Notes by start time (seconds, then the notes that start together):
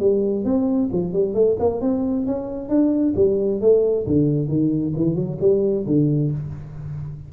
0.00 G3
0.45 C4
0.92 F3
1.14 G3
1.35 A3
1.60 A#3
1.81 C4
2.26 C#4
2.69 D4
3.16 G3
3.61 A3
4.07 D3
4.49 D#3
4.97 E3
5.16 F#3
5.41 G3
5.86 D3